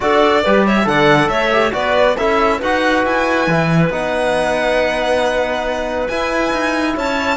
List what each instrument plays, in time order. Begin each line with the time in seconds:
0.00 cello D4, trombone F#4, clarinet A4, violin D5
0.43 cello G3, trombone G4, clarinet B4
0.66 clarinet C#5, violin E5
0.84 cello D3, trombone A4, clarinet D5, violin F#5
1.28 cello A3, clarinet C#5, violin E5
1.52 trombone G4
1.72 cello B3, trombone F#4, clarinet B4, violin D5
2.16 cello C#4, trombone E4, clarinet A4, violin E5
2.58 cello D#4, trombone F#4, clarinet B4, violin F#5
3.05 cello E4, violin G#5
3.47 cello E3, trombone E4
3.90 cello B3, trombone D#4, violin F#5
6.07 trombone E4, cello E4, violin G#5
6.52 cello D#4
6.96 cello C#4, clarinet C#5, violin A5